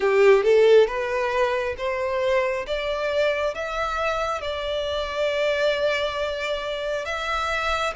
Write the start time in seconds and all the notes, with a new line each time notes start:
0.00 G4
0.43 A4
0.87 B4
1.77 C5
2.66 D5
3.54 E5
4.41 D5
7.05 E5